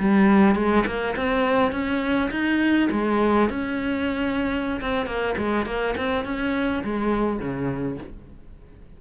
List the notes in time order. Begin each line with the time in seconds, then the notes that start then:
0.00 G3
0.56 G#3
0.86 A#3
1.17 C4
1.72 C#4
2.31 D#4
2.92 G#3
3.50 C#4
4.81 C4
5.07 A#3
5.38 G#3
5.66 A#3
5.98 C4
6.25 C#4
6.84 G#3
7.40 C#3